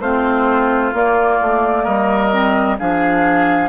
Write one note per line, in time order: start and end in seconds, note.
0.00 0.92 A3
0.00 0.93 C4
0.00 1.83 F4
0.00 0.93 C5
0.93 2.31 A#3
0.93 1.39 A#3
0.93 1.84 D5
1.41 1.87 A3
1.83 2.79 G3
1.83 2.76 A#4
1.83 2.77 D#5
2.31 2.77 C4
2.79 3.69 F3
2.79 3.69 D4
2.79 3.69 G#4
2.79 3.69 F5